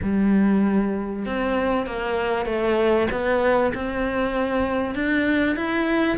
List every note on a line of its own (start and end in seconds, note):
0.02 1.25 G3
1.25 1.86 C4
1.86 2.45 A#3
2.45 3.07 A3
3.11 3.73 B3
3.74 4.94 C4
4.94 5.55 D4
5.55 6.17 E4